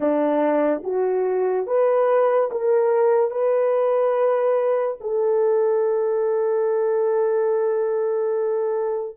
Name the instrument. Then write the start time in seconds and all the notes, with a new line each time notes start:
horn
0.00 D4
0.83 F#4
1.67 B4
2.51 A#4
3.30 B4
5.00 A4